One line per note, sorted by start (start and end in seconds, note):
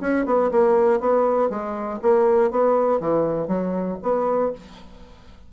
0.00 0.25 C#4
0.25 0.50 B3
0.51 1.00 A#3
1.00 1.49 B3
1.49 1.99 G#3
2.02 2.50 A#3
2.50 3.00 B3
3.00 3.47 E3
3.47 3.97 F#3
4.02 4.52 B3